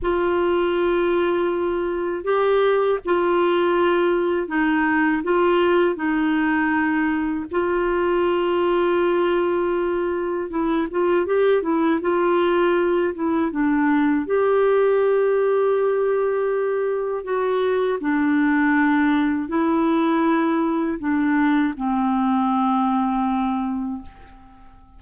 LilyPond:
\new Staff \with { instrumentName = "clarinet" } { \time 4/4 \tempo 4 = 80 f'2. g'4 | f'2 dis'4 f'4 | dis'2 f'2~ | f'2 e'8 f'8 g'8 e'8 |
f'4. e'8 d'4 g'4~ | g'2. fis'4 | d'2 e'2 | d'4 c'2. | }